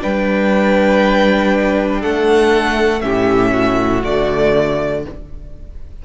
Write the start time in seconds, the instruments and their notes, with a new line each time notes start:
0.00 cello G3, viola D4, violin B4 G5
2.01 cello A3, violin A4 F#5
3.01 cello A2, viola C#4, violin G4 E5
3.52 violin F#4
4.04 cello D3, viola A3, violin D5